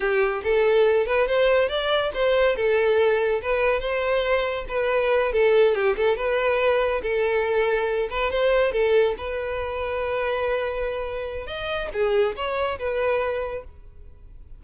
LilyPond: \new Staff \with { instrumentName = "violin" } { \time 4/4 \tempo 4 = 141 g'4 a'4. b'8 c''4 | d''4 c''4 a'2 | b'4 c''2 b'4~ | b'8 a'4 g'8 a'8 b'4.~ |
b'8 a'2~ a'8 b'8 c''8~ | c''8 a'4 b'2~ b'8~ | b'2. dis''4 | gis'4 cis''4 b'2 | }